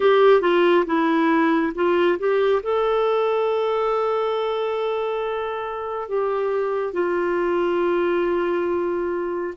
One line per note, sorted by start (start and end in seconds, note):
0.00 0.41 G4
0.41 0.85 F4
0.85 1.72 E4
1.74 2.18 F4
2.18 2.62 G4
2.62 6.08 A4
6.08 6.93 G4
6.93 9.54 F4